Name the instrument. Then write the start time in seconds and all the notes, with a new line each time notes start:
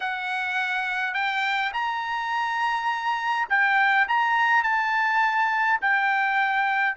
trumpet
0.00 F#5
1.14 G5
1.73 A#5
3.49 G5
4.08 A#5
4.63 A5
5.81 G5